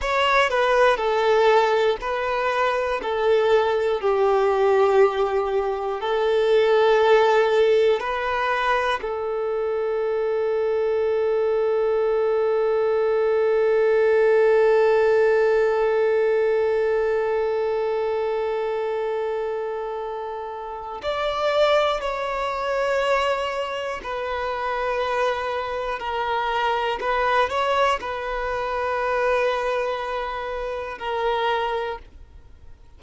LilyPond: \new Staff \with { instrumentName = "violin" } { \time 4/4 \tempo 4 = 60 cis''8 b'8 a'4 b'4 a'4 | g'2 a'2 | b'4 a'2.~ | a'1~ |
a'1~ | a'4 d''4 cis''2 | b'2 ais'4 b'8 cis''8 | b'2. ais'4 | }